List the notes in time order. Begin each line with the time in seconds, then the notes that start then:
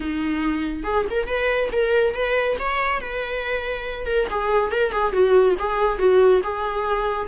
0.00 D#4
0.83 G#4
1.10 A#4
1.26 B4
1.72 A#4
2.14 B4
2.59 C#5
3.00 B4
4.06 A#4
4.30 G#4
4.71 A#4
4.92 G#4
5.12 F#4
5.58 G#4
5.98 F#4
6.43 G#4